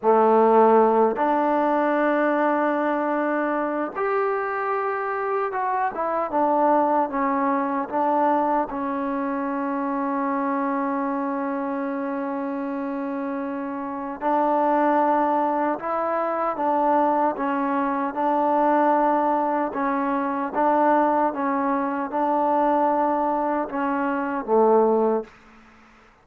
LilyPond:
\new Staff \with { instrumentName = "trombone" } { \time 4/4 \tempo 4 = 76 a4. d'2~ d'8~ | d'4 g'2 fis'8 e'8 | d'4 cis'4 d'4 cis'4~ | cis'1~ |
cis'2 d'2 | e'4 d'4 cis'4 d'4~ | d'4 cis'4 d'4 cis'4 | d'2 cis'4 a4 | }